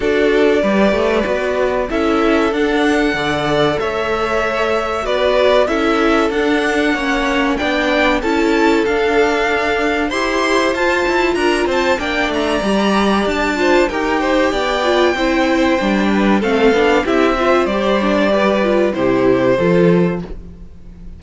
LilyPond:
<<
  \new Staff \with { instrumentName = "violin" } { \time 4/4 \tempo 4 = 95 d''2. e''4 | fis''2 e''2 | d''4 e''4 fis''2 | g''4 a''4 f''2 |
c'''4 a''4 ais''8 a''8 g''8 ais''8~ | ais''4 a''4 g''2~ | g''2 f''4 e''4 | d''2 c''2 | }
  \new Staff \with { instrumentName = "violin" } { \time 4/4 a'4 b'2 a'4~ | a'4 d''4 cis''2 | b'4 a'2 cis''4 | d''4 a'2. |
c''2 ais'8 c''8 d''4~ | d''4. c''8 ais'8 c''8 d''4 | c''4. b'8 a'4 g'8 c''8~ | c''4 b'4 g'4 a'4 | }
  \new Staff \with { instrumentName = "viola" } { \time 4/4 fis'4 g'4 fis'4 e'4 | d'4 a'2. | fis'4 e'4 d'4 cis'4 | d'4 e'4 d'2 |
g'4 f'2 d'4 | g'4. f'8 g'4. f'8 | e'4 d'4 c'8 d'8 e'8 f'8 | g'8 d'8 g'8 f'8 e'4 f'4 | }
  \new Staff \with { instrumentName = "cello" } { \time 4/4 d'4 g8 a8 b4 cis'4 | d'4 d4 a2 | b4 cis'4 d'4 ais4 | b4 cis'4 d'2 |
e'4 f'8 e'8 d'8 c'8 ais8 a8 | g4 d'4 dis'4 b4 | c'4 g4 a8 b8 c'4 | g2 c4 f4 | }
>>